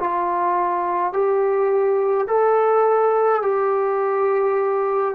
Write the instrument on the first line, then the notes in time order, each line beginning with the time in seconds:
trombone
0.00 F4
1.13 G4
2.28 A4
3.42 G4